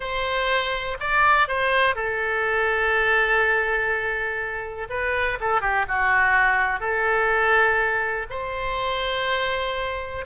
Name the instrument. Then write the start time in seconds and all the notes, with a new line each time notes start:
oboe
0.00 C5
1.00 D5
1.48 C5
1.95 A4
4.89 B4
5.40 A4
5.61 G4
5.88 F#4
6.79 A4
8.30 C5